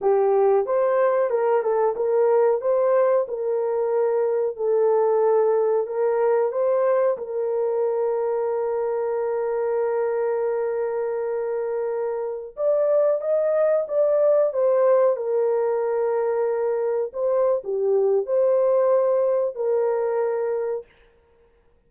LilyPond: \new Staff \with { instrumentName = "horn" } { \time 4/4 \tempo 4 = 92 g'4 c''4 ais'8 a'8 ais'4 | c''4 ais'2 a'4~ | a'4 ais'4 c''4 ais'4~ | ais'1~ |
ais'2.~ ais'16 d''8.~ | d''16 dis''4 d''4 c''4 ais'8.~ | ais'2~ ais'16 c''8. g'4 | c''2 ais'2 | }